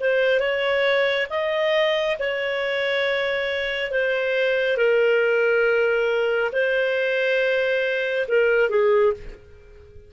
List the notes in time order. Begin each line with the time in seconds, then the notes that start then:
0.00 C5
0.40 C#5
1.30 D#5
2.19 C#5
3.91 C5
4.77 A#4
6.53 C5
8.28 A#4
8.70 G#4